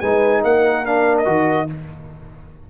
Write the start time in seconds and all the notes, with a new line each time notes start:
0.00 G#3 D#4 B4 G#5
0.42 A#3 A#4 F#5
0.85 D4 F5
1.17 D#5
1.24 D#3 F#4